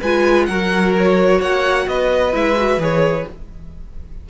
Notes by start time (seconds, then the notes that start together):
0.00 G#3 F4 B4 G#5
0.45 F#3 F#4 A#4 F#5
0.97 C#5
1.39 A#3 C#5 F#5
1.87 B3 B4 D#5
2.32 G#3 E4 E5
2.56 F#4
2.77 E3 G#4 C#5